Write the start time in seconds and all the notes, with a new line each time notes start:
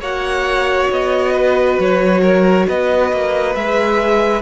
0.00 A#3 F#4 C#5 F#5
0.90 B3 D#5
1.32 B4
1.79 F#3 C#5
2.22 A#4
2.68 B3 B4 D#5
3.12 A#3
3.55 G#3 G#4 E5